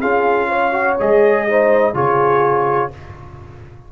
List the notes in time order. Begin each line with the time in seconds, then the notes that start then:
0.00 C#4 F4 G#4 F5
0.48 C#5
0.72 F#4
0.99 G#3 G#4 D#5
1.48 D#4 C5
1.93 C#3 F4 G#4 C#5